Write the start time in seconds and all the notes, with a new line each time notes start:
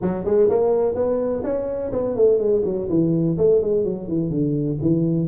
0.01 F#3
0.24 G#3
0.49 A#3
0.94 B3
1.43 C#4
1.92 B3
2.16 A3
2.38 G#3
2.64 F#3
2.89 E3
3.37 A3
3.61 G#3
3.84 F#3
4.08 E3
4.30 D3
4.81 E3